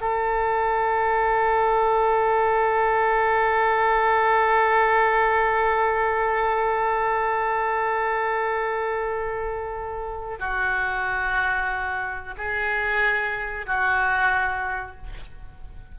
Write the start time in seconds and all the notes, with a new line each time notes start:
0.00 A4
10.38 F#4
12.37 G#4
13.66 F#4